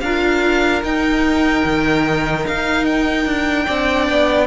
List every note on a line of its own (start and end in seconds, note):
0.00 0.82 D4
0.00 0.84 F4
0.00 3.65 A#4
0.00 0.81 F5
0.82 1.64 D#4
0.82 3.67 D#4
0.82 2.46 G5
1.64 2.45 D#3
2.46 3.25 D#4
2.46 2.85 F5
2.85 4.47 G5
3.25 3.66 D4
3.65 4.09 C4
3.65 4.47 D4
3.65 4.46 D5
4.09 4.47 B3